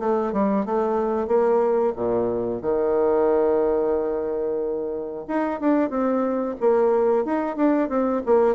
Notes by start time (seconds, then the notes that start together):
0.00 A3
0.33 G3
0.66 A3
1.28 A#3
1.96 A#2
2.62 D#3
5.28 D#4
5.61 D4
5.90 C4
6.61 A#3
7.26 D#4
7.57 D4
7.89 C4
8.26 A#3